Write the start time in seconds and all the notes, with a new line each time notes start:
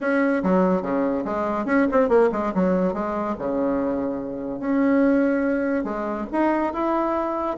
0.00 C#4
0.43 F#3
0.82 C#3
1.25 G#3
1.65 C#4
1.91 C4
2.08 A#3
2.32 G#3
2.54 F#3
2.93 G#3
3.38 C#3
4.59 C#4
5.84 G#3
6.32 D#4
6.73 E4